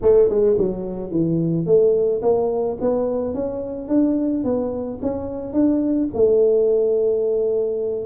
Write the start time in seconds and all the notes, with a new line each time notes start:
0.02 A3
0.29 G#3
0.58 F#3
1.10 E3
1.66 A3
2.21 A#3
2.80 B3
3.34 C#4
3.88 D4
4.44 B3
5.02 C#4
5.53 D4
6.13 A3